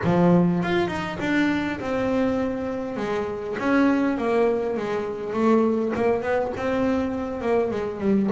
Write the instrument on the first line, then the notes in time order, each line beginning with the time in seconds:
double bass
0.04 F3
0.63 F4
0.87 D#4
1.20 D4
1.80 C4
2.96 G#3
3.59 C#4
4.17 A#3
4.76 G#3
5.33 A3
5.95 A#3
6.22 B3
6.56 C4
7.41 A#3
7.71 G#3
8.00 G3